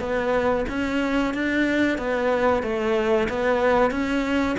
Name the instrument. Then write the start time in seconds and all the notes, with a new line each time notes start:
cello
0.00 B3
0.69 C#4
1.34 D4
1.98 B3
2.63 A3
3.29 B3
3.91 C#4